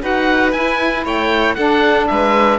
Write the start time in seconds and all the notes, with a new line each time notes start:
0.00 D#4 F#4 B4 F#5
0.52 E4 G#5
1.04 A3 C#5 G5
1.54 D4 A4 F#5
2.07 G#3 B4 E5